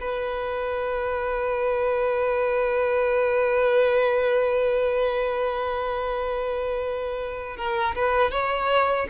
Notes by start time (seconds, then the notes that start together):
0.00 B4
7.57 A#4
7.95 B4
8.31 C#5